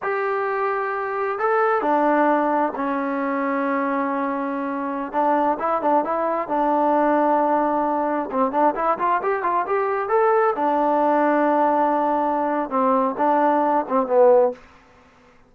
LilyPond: \new Staff \with { instrumentName = "trombone" } { \time 4/4 \tempo 4 = 132 g'2. a'4 | d'2 cis'2~ | cis'2.~ cis'16 d'8.~ | d'16 e'8 d'8 e'4 d'4.~ d'16~ |
d'2~ d'16 c'8 d'8 e'8 f'16~ | f'16 g'8 f'8 g'4 a'4 d'8.~ | d'1 | c'4 d'4. c'8 b4 | }